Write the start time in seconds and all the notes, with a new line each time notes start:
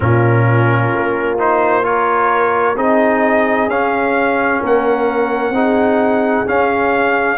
0.00 A#2 C#4 F4 A#4
0.94 A#3
1.38 D#4 C5
1.83 F4 A#4 C#5
2.75 C4 D#4 G#4 D#5
3.67 C#4 F5
4.61 A#3 A#4 F#5
5.49 C4 D#4 G#4
6.46 C#4 F5